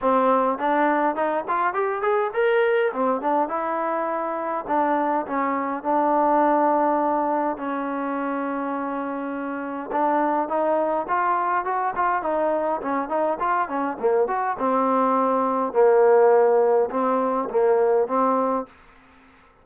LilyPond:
\new Staff \with { instrumentName = "trombone" } { \time 4/4 \tempo 4 = 103 c'4 d'4 dis'8 f'8 g'8 gis'8 | ais'4 c'8 d'8 e'2 | d'4 cis'4 d'2~ | d'4 cis'2.~ |
cis'4 d'4 dis'4 f'4 | fis'8 f'8 dis'4 cis'8 dis'8 f'8 cis'8 | ais8 fis'8 c'2 ais4~ | ais4 c'4 ais4 c'4 | }